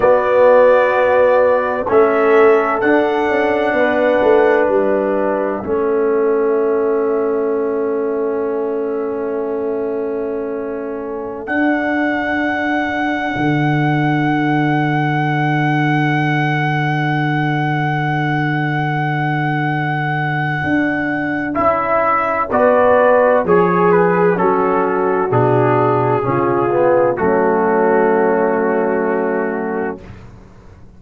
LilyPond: <<
  \new Staff \with { instrumentName = "trumpet" } { \time 4/4 \tempo 4 = 64 d''2 e''4 fis''4~ | fis''4 e''2.~ | e''1~ | e''16 fis''2.~ fis''8.~ |
fis''1~ | fis''2. e''4 | d''4 cis''8 b'8 a'4 gis'4~ | gis'4 fis'2. | }
  \new Staff \with { instrumentName = "horn" } { \time 4/4 fis'2 a'2 | b'2 a'2~ | a'1~ | a'1~ |
a'1~ | a'1 | b'4 gis'4 fis'2 | f'4 cis'2. | }
  \new Staff \with { instrumentName = "trombone" } { \time 4/4 b2 cis'4 d'4~ | d'2 cis'2~ | cis'1~ | cis'16 d'2.~ d'8.~ |
d'1~ | d'2. e'4 | fis'4 gis'4 cis'4 d'4 | cis'8 b8 a2. | }
  \new Staff \with { instrumentName = "tuba" } { \time 4/4 b2 a4 d'8 cis'8 | b8 a8 g4 a2~ | a1~ | a16 d'2 d4.~ d16~ |
d1~ | d2 d'4 cis'4 | b4 f4 fis4 b,4 | cis4 fis2. | }
>>